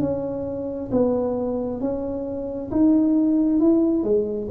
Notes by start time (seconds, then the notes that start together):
0.00 C#4
0.91 B3
1.80 C#4
2.71 D#4
3.59 E4
4.03 G#3